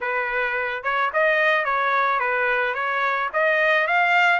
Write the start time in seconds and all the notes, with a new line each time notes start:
0.00 B4
0.83 C#5
1.13 D#5
1.65 C#5
2.19 B4
2.74 C#5
3.33 D#5
3.87 F5